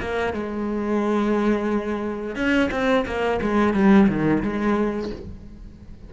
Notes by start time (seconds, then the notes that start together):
0.00 A#3
0.33 G#3
2.36 C#4
2.71 C4
3.06 A#3
3.42 G#3
3.74 G3
4.08 D#3
4.43 G#3